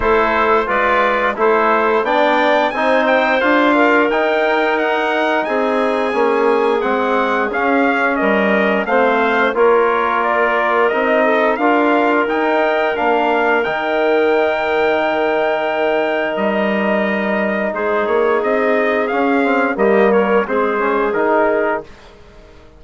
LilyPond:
<<
  \new Staff \with { instrumentName = "trumpet" } { \time 4/4 \tempo 4 = 88 c''4 d''4 c''4 g''4 | gis''8 g''8 f''4 g''4 fis''4 | gis''2 fis''4 f''4 | dis''4 f''4 cis''4 d''4 |
dis''4 f''4 g''4 f''4 | g''1 | dis''2 c''8 cis''8 dis''4 | f''4 dis''8 cis''8 c''4 ais'4 | }
  \new Staff \with { instrumentName = "clarinet" } { \time 4/4 a'4 b'4 a'4 d''4 | c''4. ais'2~ ais'8 | gis'1 | ais'4 c''4 ais'2~ |
ais'8 a'8 ais'2.~ | ais'1~ | ais'2 gis'2~ | gis'4 g'8 ais'8 gis'2 | }
  \new Staff \with { instrumentName = "trombone" } { \time 4/4 e'4 f'4 e'4 d'4 | dis'4 f'4 dis'2~ | dis'4 cis'4 c'4 cis'4~ | cis'4 c'4 f'2 |
dis'4 f'4 dis'4 d'4 | dis'1~ | dis'1 | cis'8 c'8 ais4 c'8 cis'8 dis'4 | }
  \new Staff \with { instrumentName = "bassoon" } { \time 4/4 a4 gis4 a4 b4 | c'4 d'4 dis'2 | c'4 ais4 gis4 cis'4 | g4 a4 ais2 |
c'4 d'4 dis'4 ais4 | dis1 | g2 gis8 ais8 c'4 | cis'4 g4 gis4 dis4 | }
>>